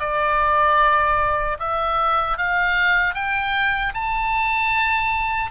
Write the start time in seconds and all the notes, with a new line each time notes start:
0.00 D5
1.59 E5
2.38 F5
3.15 G5
3.94 A5